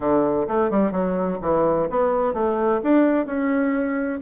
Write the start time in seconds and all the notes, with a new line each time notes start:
0.00 D3
0.47 A3
0.70 G3
0.91 F#3
1.41 E3
1.89 B3
2.33 A3
2.83 D4
3.26 C#4